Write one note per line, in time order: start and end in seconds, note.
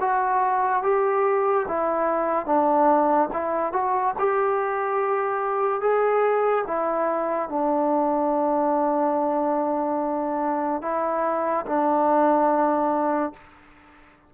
0.00 0.83 F#4
0.83 1.66 G4
1.67 2.45 E4
2.45 3.29 D4
3.33 3.72 E4
3.72 4.14 F#4
4.18 5.81 G4
5.81 6.64 G#4
6.67 7.49 E4
7.49 10.82 D4
10.82 11.65 E4
11.66 13.33 D4